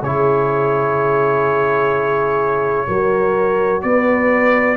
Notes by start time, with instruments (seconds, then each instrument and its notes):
0.00 tuba C#3, trombone E4, horn G#4, trumpet C#5
2.87 tuba F#3, trombone F#4, horn A#4
3.82 tuba B3, horn B4, trumpet D5